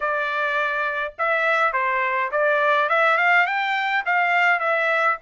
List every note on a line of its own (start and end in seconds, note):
0.00 1.13 D5
1.18 1.73 E5
1.73 2.30 C5
2.31 2.89 D5
2.89 3.17 E5
3.17 3.46 F5
3.46 4.04 G5
4.05 4.59 F5
4.59 5.17 E5